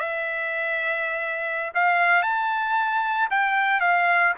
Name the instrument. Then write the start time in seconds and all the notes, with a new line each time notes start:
trumpet
0.00 E5
1.75 F5
2.23 A5
3.31 G5
3.81 F5